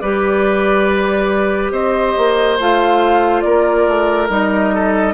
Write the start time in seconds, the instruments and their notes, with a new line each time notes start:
0.00 bassoon G3, clarinet G4, oboe B4, flute D5
1.71 bassoon C4, oboe C5, flute D#5
2.17 bassoon A#3
2.59 bassoon A3, clarinet F4, flute F5
3.41 bassoon A#3, oboe A#4, flute D5
3.87 bassoon A3
4.29 bassoon G3, clarinet D#4, flute D#5
4.74 oboe A4